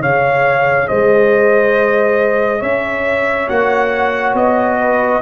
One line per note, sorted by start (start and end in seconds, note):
0.00 0.87 C#3
0.00 3.48 G#4
0.00 0.88 C#5
0.00 0.87 F5
0.87 2.61 G#3
0.87 2.60 C5
0.87 2.61 D#5
2.60 3.48 C#4
2.60 4.77 C#5
2.60 3.48 E5
3.48 4.33 A#3
3.48 5.22 F#4
3.48 4.36 F#5
4.33 5.20 B3
4.33 5.22 D#5
4.78 5.21 B4